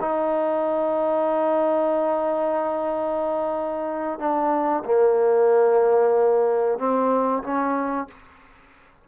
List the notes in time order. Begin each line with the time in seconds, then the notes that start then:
0.00 D#4
4.19 D4
4.85 A#3
6.78 C4
7.43 C#4